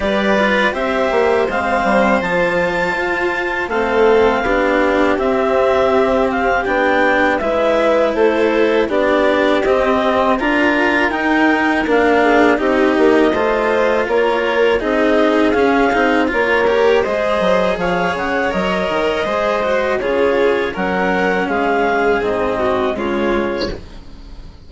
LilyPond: <<
  \new Staff \with { instrumentName = "clarinet" } { \time 4/4 \tempo 4 = 81 d''4 e''4 f''4 a''4~ | a''4 f''2 e''4~ | e''8 f''8 g''4 e''4 c''4 | d''4 dis''4 ais''4 g''4 |
f''4 dis''2 cis''4 | dis''4 f''4 cis''4 dis''4 | f''8 fis''8 dis''2 cis''4 | fis''4 f''4 dis''4 cis''4 | }
  \new Staff \with { instrumentName = "violin" } { \time 4/4 b'4 c''2.~ | c''4 a'4 g'2~ | g'2 b'4 a'4 | g'2 ais'2~ |
ais'8 gis'8 g'4 c''4 ais'4 | gis'2 ais'4 c''4 | cis''2 c''4 gis'4 | ais'4 gis'4. fis'8 f'4 | }
  \new Staff \with { instrumentName = "cello" } { \time 4/4 g'8 f'8 g'4 c'4 f'4~ | f'4 c'4 d'4 c'4~ | c'4 d'4 e'2 | d'4 c'4 f'4 dis'4 |
d'4 dis'4 f'2 | dis'4 cis'8 dis'8 f'8 g'8 gis'4~ | gis'4 ais'4 gis'8 fis'8 f'4 | cis'2 c'4 gis4 | }
  \new Staff \with { instrumentName = "bassoon" } { \time 4/4 g4 c'8 ais8 gis8 g8 f4 | f'4 a4 b4 c'4~ | c'4 b4 gis4 a4 | b4 c'4 d'4 dis'4 |
ais4 c'8 ais8 a4 ais4 | c'4 cis'8 c'8 ais4 gis8 fis8 | f8 cis8 fis8 dis8 gis4 cis4 | fis4 gis4 gis,4 cis4 | }
>>